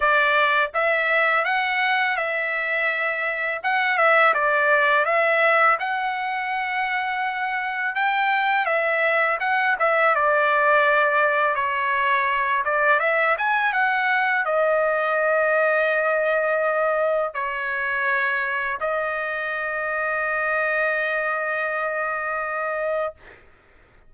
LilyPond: \new Staff \with { instrumentName = "trumpet" } { \time 4/4 \tempo 4 = 83 d''4 e''4 fis''4 e''4~ | e''4 fis''8 e''8 d''4 e''4 | fis''2. g''4 | e''4 fis''8 e''8 d''2 |
cis''4. d''8 e''8 gis''8 fis''4 | dis''1 | cis''2 dis''2~ | dis''1 | }